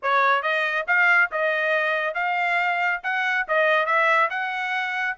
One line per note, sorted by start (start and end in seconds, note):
0.02 0.42 C#5
0.42 0.85 D#5
0.87 1.30 F5
1.31 2.14 D#5
2.14 3.00 F5
3.03 3.46 F#5
3.47 3.86 D#5
3.86 4.29 E5
4.30 5.16 F#5